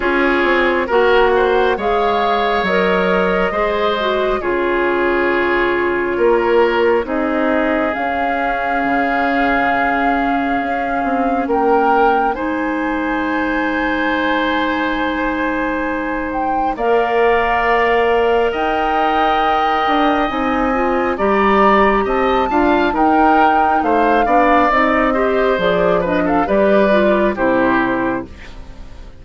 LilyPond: <<
  \new Staff \with { instrumentName = "flute" } { \time 4/4 \tempo 4 = 68 cis''4 fis''4 f''4 dis''4~ | dis''4 cis''2. | dis''4 f''2.~ | f''4 g''4 gis''2~ |
gis''2~ gis''8 g''8 f''4~ | f''4 g''2 gis''4 | ais''4 a''4 g''4 f''4 | dis''4 d''8 dis''16 f''16 d''4 c''4 | }
  \new Staff \with { instrumentName = "oboe" } { \time 4/4 gis'4 ais'8 c''8 cis''2 | c''4 gis'2 ais'4 | gis'1~ | gis'4 ais'4 c''2~ |
c''2. d''4~ | d''4 dis''2. | d''4 dis''8 f''8 ais'4 c''8 d''8~ | d''8 c''4 b'16 a'16 b'4 g'4 | }
  \new Staff \with { instrumentName = "clarinet" } { \time 4/4 f'4 fis'4 gis'4 ais'4 | gis'8 fis'8 f'2. | dis'4 cis'2.~ | cis'2 dis'2~ |
dis'2. ais'4~ | ais'2. dis'8 f'8 | g'4. f'8 dis'4. d'8 | dis'8 g'8 gis'8 d'8 g'8 f'8 e'4 | }
  \new Staff \with { instrumentName = "bassoon" } { \time 4/4 cis'8 c'8 ais4 gis4 fis4 | gis4 cis2 ais4 | c'4 cis'4 cis2 | cis'8 c'8 ais4 gis2~ |
gis2. ais4~ | ais4 dis'4. d'8 c'4 | g4 c'8 d'8 dis'4 a8 b8 | c'4 f4 g4 c4 | }
>>